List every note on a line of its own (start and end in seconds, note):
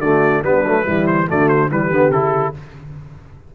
0.00 0.42 D3
0.00 0.44 A3
0.00 0.43 F#4
0.00 0.43 D5
0.43 0.64 G3
0.43 0.65 B3
0.43 0.84 D4
0.43 1.07 B4
0.64 0.85 F#3
0.64 0.86 A3
0.84 1.30 E3
0.84 1.28 G3
0.84 1.26 E4
1.07 1.28 C5
1.28 1.71 D3
1.28 1.70 A3
1.28 1.71 F#4
1.28 1.49 D5
1.49 1.70 C5
1.70 1.91 E3
1.70 1.91 G3
1.70 2.55 G4
1.70 2.12 B4
1.91 2.10 D3
1.91 2.12 B3
2.10 2.52 C#3
2.10 2.54 E4
2.10 2.54 A4